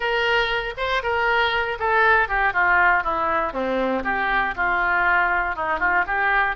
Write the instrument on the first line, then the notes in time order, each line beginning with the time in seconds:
oboe
0.00 A#4
0.77 C5
1.02 A#4
1.79 A4
2.28 G4
2.53 F4
3.03 E4
3.52 C4
4.04 G4
4.55 F4
5.55 D#4
5.79 F4
6.06 G4